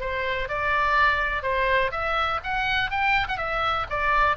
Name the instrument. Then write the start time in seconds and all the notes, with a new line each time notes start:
oboe
0.00 C5
0.48 D5
1.43 C5
1.91 E5
2.43 F#5
2.90 G5
3.28 F#5
3.37 E5
3.90 D5